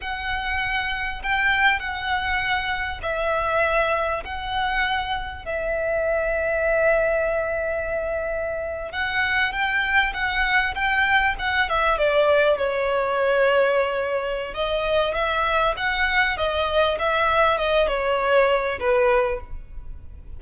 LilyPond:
\new Staff \with { instrumentName = "violin" } { \time 4/4 \tempo 4 = 99 fis''2 g''4 fis''4~ | fis''4 e''2 fis''4~ | fis''4 e''2.~ | e''2~ e''8. fis''4 g''16~ |
g''8. fis''4 g''4 fis''8 e''8 d''16~ | d''8. cis''2.~ cis''16 | dis''4 e''4 fis''4 dis''4 | e''4 dis''8 cis''4. b'4 | }